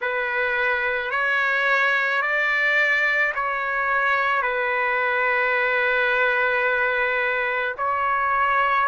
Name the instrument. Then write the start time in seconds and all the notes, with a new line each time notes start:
trumpet
0.01 B4
1.11 C#5
2.22 D5
3.34 C#5
4.41 B4
7.77 C#5